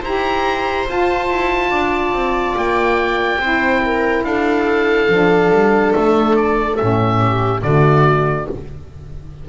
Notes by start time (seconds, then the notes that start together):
0.00 E4 G4 C5 A#5
0.85 F4 A5
1.30 E4
1.70 D4 D5
2.12 C4
2.56 A#3 G5
3.38 C4 E4 C5
3.85 A#4
4.23 D4 A4 F5
5.08 F3 D4
5.51 G3
5.93 A3 E5
6.36 D5
6.76 A2 C#4 E5
7.19 G4
7.61 D3 A3 F#4 D5